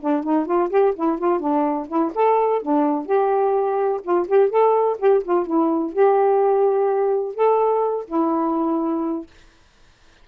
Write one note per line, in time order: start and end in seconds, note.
0.00 0.23 D4
0.23 0.45 D#4
0.45 0.69 F4
0.70 0.94 G4
0.95 1.18 E4
1.18 1.40 F4
1.40 1.87 D4
1.88 2.11 E4
2.14 2.62 A4
2.62 3.05 D4
3.05 4.01 G4
4.03 4.27 F4
4.27 4.49 G4
4.49 4.97 A4
4.98 5.22 G4
5.23 5.46 F4
5.46 5.92 E4
5.92 7.34 G4
7.34 8.05 A4
8.07 9.26 E4